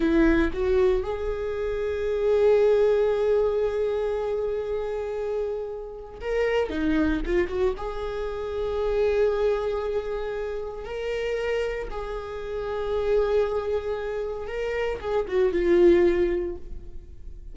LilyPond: \new Staff \with { instrumentName = "viola" } { \time 4/4 \tempo 4 = 116 e'4 fis'4 gis'2~ | gis'1~ | gis'1 | ais'4 dis'4 f'8 fis'8 gis'4~ |
gis'1~ | gis'4 ais'2 gis'4~ | gis'1 | ais'4 gis'8 fis'8 f'2 | }